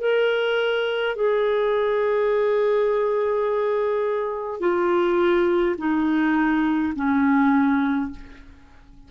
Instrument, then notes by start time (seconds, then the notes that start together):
clarinet
0.00 A#4
1.15 G#4
4.60 F4
5.78 D#4
6.95 C#4